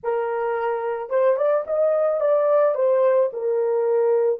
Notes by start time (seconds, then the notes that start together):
0.03 A#4
1.09 C5
1.36 D5
1.66 D#5
2.20 D5
2.74 C5
3.33 A#4